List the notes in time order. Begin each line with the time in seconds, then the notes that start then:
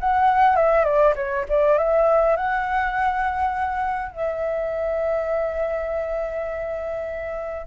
0.00 F#5
0.56 E5
0.84 D5
1.15 C#5
1.49 D5
1.78 E5
2.36 F#5
4.12 E5